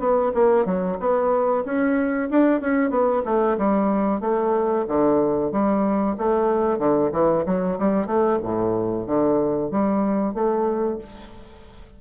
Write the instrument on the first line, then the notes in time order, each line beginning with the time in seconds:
bassoon
0.00 B3
0.34 A#3
0.66 F#3
1.00 B3
1.65 C#4
2.30 D4
2.61 C#4
2.91 B3
3.25 A3
3.58 G3
4.21 A3
4.88 D3
5.52 G3
6.18 A3
6.79 D3
7.13 E3
7.46 F#3
7.79 G3
8.07 A3
8.43 A2
9.07 D3
9.71 G3
10.35 A3